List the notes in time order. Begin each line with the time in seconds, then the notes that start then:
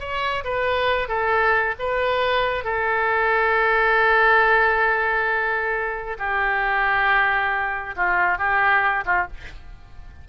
0.00 C#5
0.44 B4
1.08 A4
1.79 B4
2.64 A4
6.19 G4
7.96 F4
8.38 G4
9.05 F4